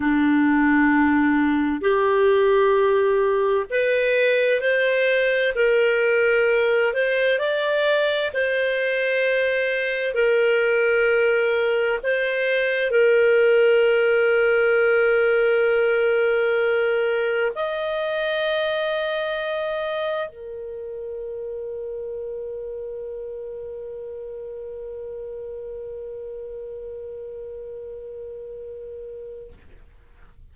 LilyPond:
\new Staff \with { instrumentName = "clarinet" } { \time 4/4 \tempo 4 = 65 d'2 g'2 | b'4 c''4 ais'4. c''8 | d''4 c''2 ais'4~ | ais'4 c''4 ais'2~ |
ais'2. dis''4~ | dis''2 ais'2~ | ais'1~ | ais'1 | }